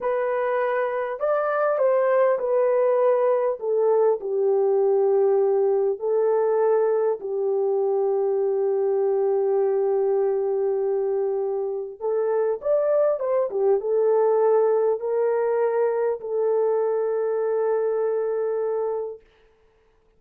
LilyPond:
\new Staff \with { instrumentName = "horn" } { \time 4/4 \tempo 4 = 100 b'2 d''4 c''4 | b'2 a'4 g'4~ | g'2 a'2 | g'1~ |
g'1 | a'4 d''4 c''8 g'8 a'4~ | a'4 ais'2 a'4~ | a'1 | }